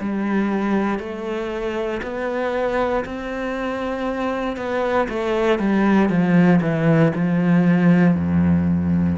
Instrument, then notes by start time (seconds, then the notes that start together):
cello
0.00 G3
0.99 A3
2.02 B3
3.05 C4
4.57 B3
5.09 A3
5.59 G3
6.09 F3
6.61 E3
7.15 F3
8.15 F2